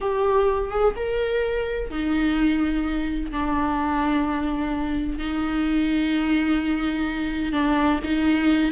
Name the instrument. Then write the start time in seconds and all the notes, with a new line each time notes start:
viola
0.01 G4
0.70 G#4
0.96 A#4
1.90 D#4
3.31 D4
5.18 D#4
7.52 D4
8.03 D#4